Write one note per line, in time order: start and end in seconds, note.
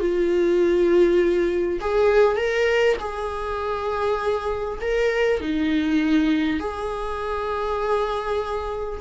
0.00 1.80 F4
1.81 2.37 G#4
2.37 2.97 A#4
2.99 4.79 G#4
4.81 5.41 A#4
5.41 6.60 D#4
6.60 9.00 G#4